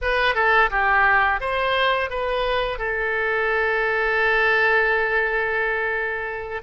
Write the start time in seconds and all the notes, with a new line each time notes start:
0.01 B4
0.35 A4
0.70 G4
1.40 C5
2.10 B4
2.78 A4